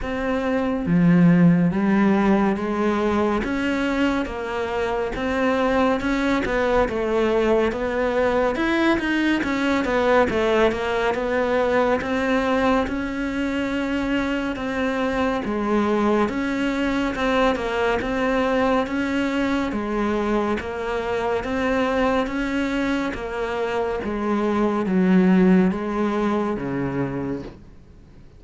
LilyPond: \new Staff \with { instrumentName = "cello" } { \time 4/4 \tempo 4 = 70 c'4 f4 g4 gis4 | cis'4 ais4 c'4 cis'8 b8 | a4 b4 e'8 dis'8 cis'8 b8 | a8 ais8 b4 c'4 cis'4~ |
cis'4 c'4 gis4 cis'4 | c'8 ais8 c'4 cis'4 gis4 | ais4 c'4 cis'4 ais4 | gis4 fis4 gis4 cis4 | }